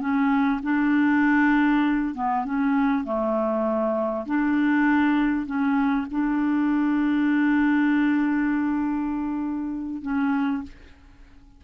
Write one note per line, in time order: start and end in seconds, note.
0.00 0.61 C#4
0.63 2.15 D4
2.15 2.45 B3
2.45 3.05 C#4
3.05 4.26 A3
4.26 5.46 D4
5.46 6.07 C#4
6.11 10.02 D4
10.02 10.63 C#4